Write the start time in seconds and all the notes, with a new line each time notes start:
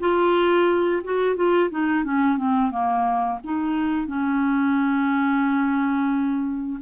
0.00 F4
1.04 F#4
1.36 F4
1.70 D#4
2.05 C#4
2.38 C4
2.71 A#3
3.44 D#4
4.07 C#4